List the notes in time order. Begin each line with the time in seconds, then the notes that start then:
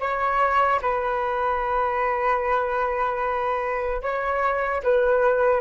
0.00 C#5
0.82 B4
4.02 C#5
4.83 B4